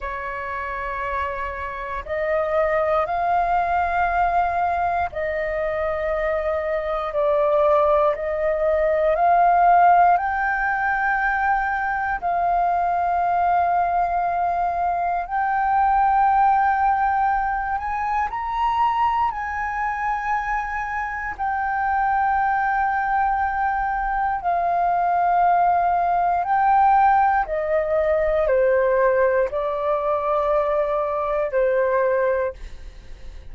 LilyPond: \new Staff \with { instrumentName = "flute" } { \time 4/4 \tempo 4 = 59 cis''2 dis''4 f''4~ | f''4 dis''2 d''4 | dis''4 f''4 g''2 | f''2. g''4~ |
g''4. gis''8 ais''4 gis''4~ | gis''4 g''2. | f''2 g''4 dis''4 | c''4 d''2 c''4 | }